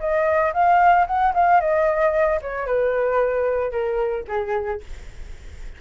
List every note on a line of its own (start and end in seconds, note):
0.00 0.53 D#5
0.54 1.07 F5
1.07 1.34 F#5
1.35 1.61 F5
1.61 2.41 D#5
2.42 2.67 C#5
2.67 3.72 B4
3.72 4.25 A#4
4.28 4.81 G#4